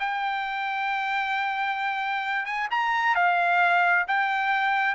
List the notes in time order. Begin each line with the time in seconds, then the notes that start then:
0.00 G5
2.46 G#5
2.71 A#5
3.16 F5
4.08 G5